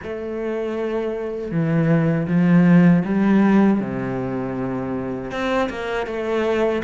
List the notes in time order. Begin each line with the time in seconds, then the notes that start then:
0.03 A3
1.51 E3
2.27 F3
3.04 G3
3.80 C3
5.31 C4
5.69 A#3
6.06 A3